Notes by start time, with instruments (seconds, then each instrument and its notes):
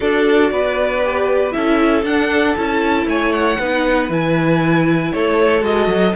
0.00 cello D4, viola F#4, violin A4 D5
0.51 cello B3, violin B4
1.04 viola G4
1.51 cello C#4, viola E4, violin A4 E5
2.02 cello D4, viola D4, violin F#5
2.56 cello C#4, viola E4, violin A5
3.06 cello A3, violin C#5 G#5
3.32 violin F#5
3.59 cello B3, viola D#4, violin B4
4.09 cello E3, viola E4, violin G#5
5.12 cello A3, violin A4 C#5
5.61 cello G#3, viola F#4, violin D#5
5.86 cello F#3